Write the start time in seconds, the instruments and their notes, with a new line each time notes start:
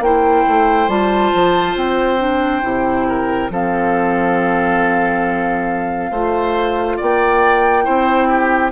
0.00 bassoon A#3, clarinet E4, oboe C5, flute G5
0.48 bassoon A3
0.88 bassoon G3, clarinet F4, flute A5
1.34 bassoon F3
1.76 bassoon C4, flute G5
2.18 clarinet D4
2.62 bassoon C3, clarinet E4
3.08 oboe A#4
3.50 bassoon F3, clarinet C4, oboe A4, flute F5
6.11 bassoon A3, clarinet F4, oboe C5
6.97 bassoon A#3, oboe D5, flute G5
7.84 bassoon C4, clarinet E4, oboe C5
8.29 oboe G4